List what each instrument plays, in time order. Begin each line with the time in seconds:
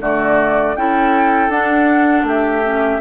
0.00 bassoon D3, clarinet A3, oboe F#4, flute D5
0.76 bassoon C#4, clarinet E4, oboe A4, flute G5
1.48 bassoon D4, clarinet D4, flute F#5
2.23 bassoon A3, oboe G4, flute E5
2.64 clarinet C#4